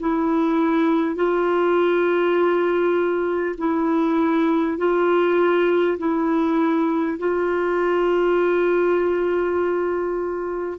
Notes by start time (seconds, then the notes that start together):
0.00 E4
1.15 F4
3.57 E4
4.77 F4
5.98 E4
7.18 F4